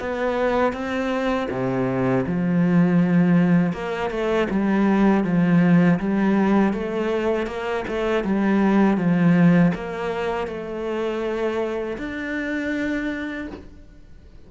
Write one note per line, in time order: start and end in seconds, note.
0.00 0.73 B3
0.73 1.48 C4
1.50 2.25 C3
2.26 3.73 F3
3.73 4.10 A#3
4.10 4.48 A3
4.50 5.24 G3
5.24 5.99 F3
5.99 6.73 G3
6.73 7.47 A3
7.47 7.84 A#3
7.88 8.24 A3
8.24 8.97 G3
8.97 9.72 F3
9.74 10.47 A#3
10.47 11.97 A3
11.98 13.48 D4